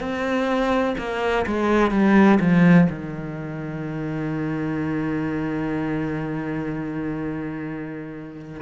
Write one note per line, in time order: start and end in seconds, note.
0.00 0.95 C4
0.98 1.45 A#3
1.46 1.91 G#3
1.91 2.39 G3
2.40 2.87 F3
2.90 8.61 D#3